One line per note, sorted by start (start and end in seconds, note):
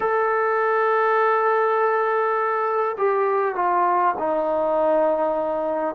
0.00 2.96 A4
2.97 3.55 G4
3.55 4.14 F4
4.18 5.95 D#4